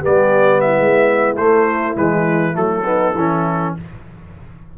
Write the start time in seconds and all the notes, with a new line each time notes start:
0.00 B3 G4 D5
0.07 G3
0.61 E4 E5
0.79 G#3
1.37 A3 C5
1.95 E3 G#3 B4
2.54 F#3 A3 A4
2.85 B3 D#4
3.14 E3 C#4 E4